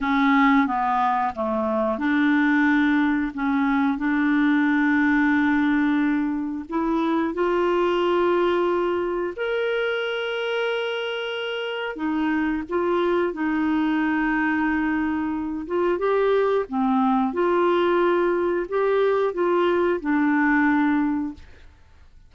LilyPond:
\new Staff \with { instrumentName = "clarinet" } { \time 4/4 \tempo 4 = 90 cis'4 b4 a4 d'4~ | d'4 cis'4 d'2~ | d'2 e'4 f'4~ | f'2 ais'2~ |
ais'2 dis'4 f'4 | dis'2.~ dis'8 f'8 | g'4 c'4 f'2 | g'4 f'4 d'2 | }